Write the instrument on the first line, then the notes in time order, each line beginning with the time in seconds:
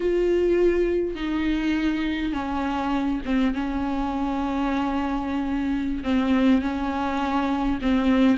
viola
0.00 F4
1.15 D#4
2.32 C#4
3.25 C4
3.53 C#4
6.03 C4
6.61 C#4
7.81 C4